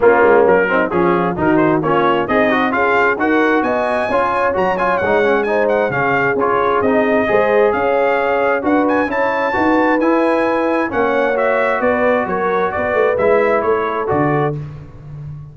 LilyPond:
<<
  \new Staff \with { instrumentName = "trumpet" } { \time 4/4 \tempo 4 = 132 f'4 ais'4 gis'4 ais'8 c''8 | cis''4 dis''4 f''4 fis''4 | gis''2 ais''8 gis''8 fis''4 | gis''8 fis''8 f''4 cis''4 dis''4~ |
dis''4 f''2 fis''8 gis''8 | a''2 gis''2 | fis''4 e''4 d''4 cis''4 | d''4 e''4 cis''4 d''4 | }
  \new Staff \with { instrumentName = "horn" } { \time 4/4 cis'4. dis'8 f'4 fis'4 | f'4 dis'4 gis'4 ais'4 | dis''4 cis''2. | c''4 gis'2. |
c''4 cis''2 b'4 | cis''4 b'2. | cis''2 b'4 ais'4 | b'2 a'2 | }
  \new Staff \with { instrumentName = "trombone" } { \time 4/4 ais4. c'8 cis'4 dis'4 | cis'4 gis'8 fis'8 f'4 fis'4~ | fis'4 f'4 fis'8 f'8 dis'8 cis'8 | dis'4 cis'4 f'4 dis'4 |
gis'2. fis'4 | e'4 fis'4 e'2 | cis'4 fis'2.~ | fis'4 e'2 fis'4 | }
  \new Staff \with { instrumentName = "tuba" } { \time 4/4 ais8 gis8 fis4 f4 dis4 | ais4 c'4 cis'4 dis'4 | b4 cis'4 fis4 gis4~ | gis4 cis4 cis'4 c'4 |
gis4 cis'2 d'4 | cis'4 dis'4 e'2 | ais2 b4 fis4 | b8 a8 gis4 a4 d4 | }
>>